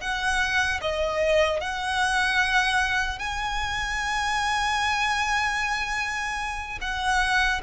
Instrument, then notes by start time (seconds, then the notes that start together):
violin
0.00 F#5
0.81 D#5
1.60 F#5
3.19 G#5
6.81 F#5